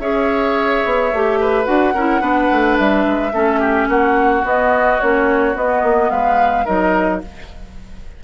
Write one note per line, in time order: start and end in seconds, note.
0.00 0.83 C#4
0.00 1.13 G#4
0.00 1.40 C#5
0.00 1.66 E5
0.85 1.13 B3
1.13 1.67 A3
1.13 1.65 G4
1.41 1.95 B4
1.65 1.95 D4
1.65 1.93 F#4
1.65 2.77 F#5
1.95 2.21 C#4
1.95 2.21 E4
1.95 2.22 A#4
2.21 2.49 B3
2.21 3.32 D4
2.21 3.33 B4
2.52 2.79 A3
2.78 3.06 G3
2.78 3.89 E5
3.06 3.33 G#3
3.33 3.88 A3
3.33 4.44 C#4
3.33 3.60 A4
3.60 3.88 G4
3.89 4.44 A#3
3.89 6.12 F#4
3.89 4.46 F#5
4.44 5.00 B3
4.44 5.00 D#5
5.00 5.56 A#3
5.00 5.55 C#4
5.00 5.56 C#5
5.55 6.66 B3
5.55 5.83 B3
5.55 6.11 D#5
5.83 6.11 A#3
6.11 6.67 G#3
6.11 6.65 B4
6.11 6.66 F5
6.65 7.24 F#3
6.65 7.22 D#4
6.65 7.21 A#4
6.65 7.22 D#5